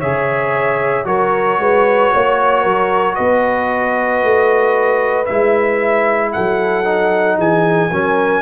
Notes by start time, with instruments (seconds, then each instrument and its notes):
0.00 tuba C#3, trombone G#4, horn C#5, trumpet E5
1.05 tuba F#3, trombone F#4, horn A#4, trumpet C#5
1.59 tuba G#3, horn B4
2.13 tuba A#3, horn C#5
2.62 tuba F#3, horn A#4
3.15 tuba B3, horn B4, trumpet D#5
4.23 tuba A3
5.26 tuba G#3, trombone E4, trumpet E5
6.33 tuba F#3, horn A4, trumpet F#5
6.85 trombone D#4
7.38 tuba E3, horn G#4, trumpet G#5
7.91 tuba F#3, trombone C#4, horn A#4